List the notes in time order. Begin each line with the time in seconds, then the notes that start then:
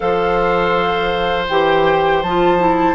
0.00 F3 A4 C5 F5
1.48 E3 G4 G5
2.22 F3 F4 A5
2.58 E4